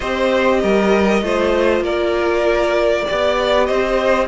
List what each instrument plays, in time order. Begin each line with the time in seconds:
0.00 cello C4, viola G4, violin C5 D#5
0.62 cello G3, violin A#4
1.21 cello A3, viola F4, violin C5
1.80 cello A#3, violin A#4 D5
3.05 viola G4, violin D5
3.11 cello B3
3.66 cello C4, violin C5 D#5